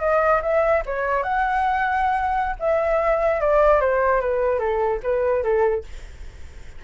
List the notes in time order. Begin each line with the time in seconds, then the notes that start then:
0.00 D#5
0.42 E5
0.86 C#5
1.23 F#5
2.59 E5
3.41 D5
3.81 C5
4.21 B4
4.59 A4
5.03 B4
5.43 A4